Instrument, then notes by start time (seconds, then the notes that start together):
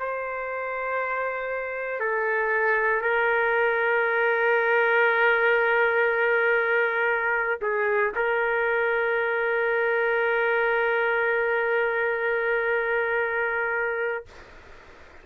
trumpet
0.00 C5
2.00 A4
3.02 A#4
7.62 G#4
8.15 A#4